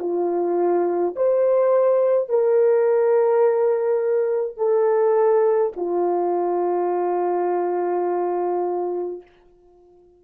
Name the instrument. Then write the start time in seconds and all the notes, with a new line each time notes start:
horn
0.00 F4
1.16 C5
2.29 A#4
4.57 A4
5.76 F4